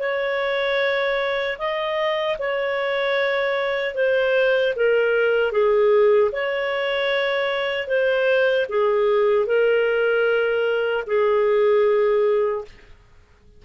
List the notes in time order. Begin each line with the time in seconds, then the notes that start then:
0.00 C#5
1.59 D#5
2.39 C#5
3.95 C5
4.77 A#4
5.52 G#4
6.32 C#5
7.88 C5
8.69 G#4
9.47 A#4
11.07 G#4